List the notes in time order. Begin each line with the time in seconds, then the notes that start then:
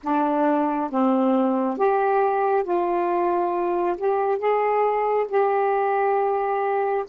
0.03 D4
0.90 C4
1.77 G4
2.63 F4
3.97 G4
4.38 G#4
5.28 G4